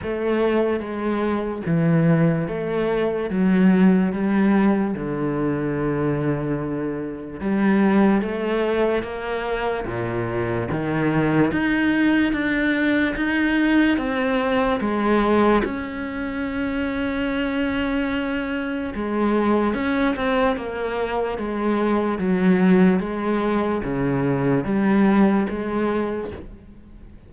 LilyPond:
\new Staff \with { instrumentName = "cello" } { \time 4/4 \tempo 4 = 73 a4 gis4 e4 a4 | fis4 g4 d2~ | d4 g4 a4 ais4 | ais,4 dis4 dis'4 d'4 |
dis'4 c'4 gis4 cis'4~ | cis'2. gis4 | cis'8 c'8 ais4 gis4 fis4 | gis4 cis4 g4 gis4 | }